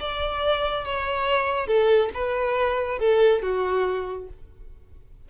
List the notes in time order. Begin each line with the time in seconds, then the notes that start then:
0.00 D5
0.85 C#5
1.67 A4
2.14 B4
2.99 A4
3.42 F#4